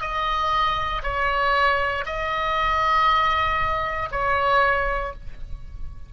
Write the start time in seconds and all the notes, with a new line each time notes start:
0.00 D#5
1.03 C#5
2.05 D#5
4.11 C#5